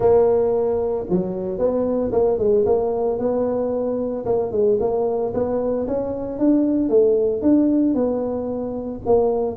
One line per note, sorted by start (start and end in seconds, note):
0.00 1.06 A#3
1.09 1.58 F#3
1.58 2.11 B3
2.12 2.38 A#3
2.38 2.64 G#3
2.65 3.18 A#3
3.19 4.25 B3
4.25 4.51 A#3
4.51 4.78 G#3
4.80 5.33 A#3
5.33 5.86 B3
5.87 6.38 C#4
6.38 6.89 D4
6.89 7.42 A3
7.42 7.94 D4
7.94 9.00 B3
9.05 9.56 A#3